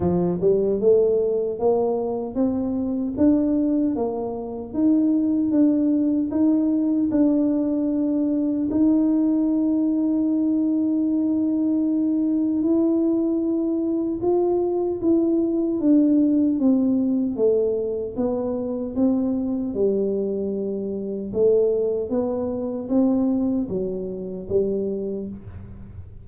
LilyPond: \new Staff \with { instrumentName = "tuba" } { \time 4/4 \tempo 4 = 76 f8 g8 a4 ais4 c'4 | d'4 ais4 dis'4 d'4 | dis'4 d'2 dis'4~ | dis'1 |
e'2 f'4 e'4 | d'4 c'4 a4 b4 | c'4 g2 a4 | b4 c'4 fis4 g4 | }